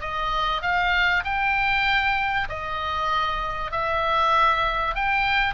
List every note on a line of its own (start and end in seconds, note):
0.00 0.62 D#5
0.62 1.23 F5
1.24 2.48 G5
2.49 3.71 D#5
3.71 4.95 E5
4.95 5.54 G5